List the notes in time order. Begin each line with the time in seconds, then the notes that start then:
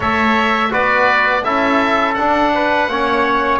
0.00 A3 A4 C#5 E5
0.70 B3 F#4 B4 D5
1.43 C#4 E4 A4 E5
2.14 D4 F#5
2.54 B4
2.87 A#3 C#4 C#5